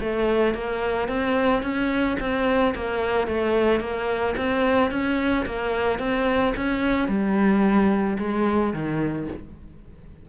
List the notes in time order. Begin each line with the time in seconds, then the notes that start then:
0.00 A3
0.54 A#3
1.08 C4
1.62 C#4
2.19 C4
2.75 A#3
3.27 A3
3.80 A#3
4.37 C4
4.91 C#4
5.46 A#3
5.99 C4
6.56 C#4
7.08 G3
8.18 G#3
8.73 D#3